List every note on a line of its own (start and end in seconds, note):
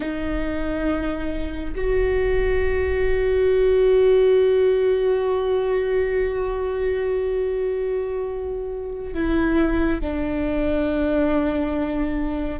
0.00 1.74 D#4
1.75 9.14 F#4
9.14 10.00 E4
10.00 12.59 D4